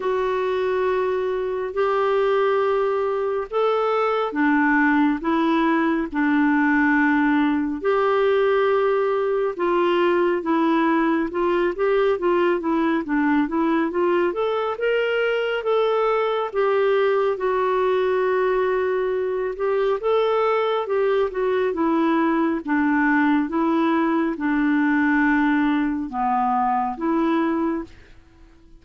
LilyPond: \new Staff \with { instrumentName = "clarinet" } { \time 4/4 \tempo 4 = 69 fis'2 g'2 | a'4 d'4 e'4 d'4~ | d'4 g'2 f'4 | e'4 f'8 g'8 f'8 e'8 d'8 e'8 |
f'8 a'8 ais'4 a'4 g'4 | fis'2~ fis'8 g'8 a'4 | g'8 fis'8 e'4 d'4 e'4 | d'2 b4 e'4 | }